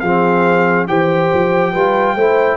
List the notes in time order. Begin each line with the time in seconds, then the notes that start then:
0.00 F3 C4 G#4 F5
0.88 E3 G4 C5 G5
1.34 F3
1.72 G3 F4 B4
2.15 A3 E4 C5